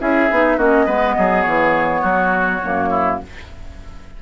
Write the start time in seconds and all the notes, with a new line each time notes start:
0.00 C#4 E4 G#4 E5
0.31 B3 D#4
0.58 A#3 C#4 F#4 D#5
0.86 G#3 B3 B4
1.18 F#3 G#4
1.42 E3 C#5
2.02 F#3 F#4
2.64 F#2 A#3
2.90 E4